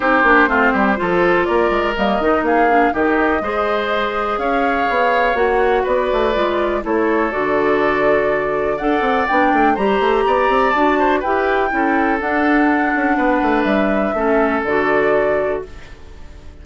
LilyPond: <<
  \new Staff \with { instrumentName = "flute" } { \time 4/4 \tempo 4 = 123 c''2. d''4 | dis''4 f''4 dis''2~ | dis''4 f''2 fis''4 | d''2 cis''4 d''4~ |
d''2 fis''4 g''4 | ais''2 a''4 g''4~ | g''4 fis''2. | e''2 d''2 | }
  \new Staff \with { instrumentName = "oboe" } { \time 4/4 g'4 f'8 g'8 a'4 ais'4~ | ais'4 gis'4 g'4 c''4~ | c''4 cis''2. | b'2 a'2~ |
a'2 d''2 | c''4 d''4. c''8 b'4 | a'2. b'4~ | b'4 a'2. | }
  \new Staff \with { instrumentName = "clarinet" } { \time 4/4 dis'8 d'8 c'4 f'2 | ais8 dis'4 d'8 dis'4 gis'4~ | gis'2. fis'4~ | fis'4 f'4 e'4 fis'4~ |
fis'2 a'4 d'4 | g'2 fis'4 g'4 | e'4 d'2.~ | d'4 cis'4 fis'2 | }
  \new Staff \with { instrumentName = "bassoon" } { \time 4/4 c'8 ais8 a8 g8 f4 ais8 gis8 | g8 dis8 ais4 dis4 gis4~ | gis4 cis'4 b4 ais4 | b8 a8 gis4 a4 d4~ |
d2 d'8 c'8 b8 a8 | g8 a8 b8 c'8 d'4 e'4 | cis'4 d'4. cis'8 b8 a8 | g4 a4 d2 | }
>>